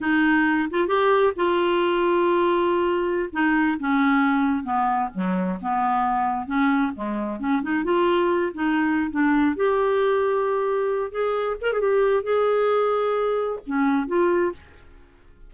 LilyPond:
\new Staff \with { instrumentName = "clarinet" } { \time 4/4 \tempo 4 = 132 dis'4. f'8 g'4 f'4~ | f'2.~ f'16 dis'8.~ | dis'16 cis'2 b4 fis8.~ | fis16 b2 cis'4 gis8.~ |
gis16 cis'8 dis'8 f'4. dis'4~ dis'16 | d'4 g'2.~ | g'8 gis'4 ais'16 gis'16 g'4 gis'4~ | gis'2 cis'4 f'4 | }